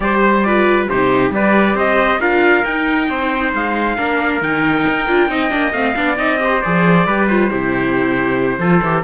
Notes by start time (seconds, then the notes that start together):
0.00 G3 G4 C5 D5
0.21 C5
0.43 F4 B4 D5
0.88 C3 D#4 G4 C5
1.30 G3 G4 B4 D5
1.74 C4 C5 D#5
2.19 D4 F4 A#4 F5
2.64 D#4 G5
3.09 C4 C5
3.54 G#3 F5
3.97 A#3 D4 A#4
4.41 D#3 D#4 G5
4.87 D#4
5.08 D4 F4
5.28 C4 D#4 D#5
5.49 A#3 D4
5.72 A3 C4 F5
5.95 B3 D4 D5
6.16 C4 D#4 D#5
6.39 G4 C5
6.61 F3 G#4 D5
7.06 G3 G4 B4
7.28 F4 C5
7.50 C3 E4 G4
8.58 F3 F4 A4
8.82 E3 G4